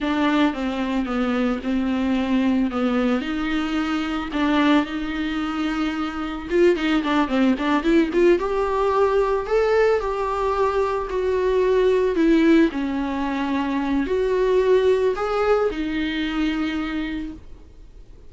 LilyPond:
\new Staff \with { instrumentName = "viola" } { \time 4/4 \tempo 4 = 111 d'4 c'4 b4 c'4~ | c'4 b4 dis'2 | d'4 dis'2. | f'8 dis'8 d'8 c'8 d'8 e'8 f'8 g'8~ |
g'4. a'4 g'4.~ | g'8 fis'2 e'4 cis'8~ | cis'2 fis'2 | gis'4 dis'2. | }